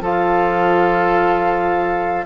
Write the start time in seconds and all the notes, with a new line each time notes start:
0.00 F3 F4 A4 F5